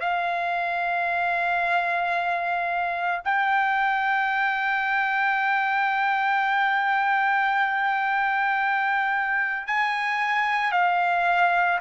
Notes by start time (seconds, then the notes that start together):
0.00 F5
3.24 G5
9.67 G#5
10.71 F5